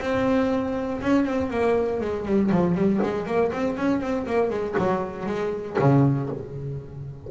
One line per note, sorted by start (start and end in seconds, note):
0.00 1.01 C4
1.01 1.25 C#4
1.25 1.50 C4
1.50 2.01 A#3
2.01 2.25 G#3
2.25 2.50 G3
2.51 2.75 F3
2.75 3.00 G3
3.03 3.26 G#3
3.26 3.52 A#3
3.52 3.77 C4
3.77 4.01 C#4
4.01 4.26 C4
4.26 4.50 A#3
4.50 4.75 G#3
4.78 5.26 F#3
5.26 5.76 G#3
5.79 6.30 C#3